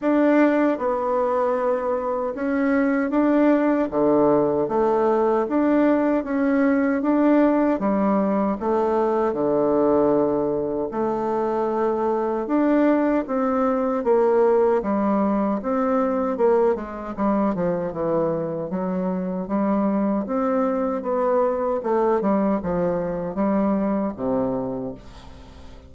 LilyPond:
\new Staff \with { instrumentName = "bassoon" } { \time 4/4 \tempo 4 = 77 d'4 b2 cis'4 | d'4 d4 a4 d'4 | cis'4 d'4 g4 a4 | d2 a2 |
d'4 c'4 ais4 g4 | c'4 ais8 gis8 g8 f8 e4 | fis4 g4 c'4 b4 | a8 g8 f4 g4 c4 | }